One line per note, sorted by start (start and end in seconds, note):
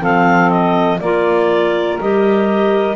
0.00 1.00 F3
0.00 0.98 C4
0.00 0.98 A4
0.00 0.50 F5
0.50 1.00 D#5
1.00 1.99 A#3
1.00 2.02 F4
1.00 2.97 A#4
1.00 1.99 D5
2.01 2.97 G3
2.01 2.97 G4
2.01 2.97 D#5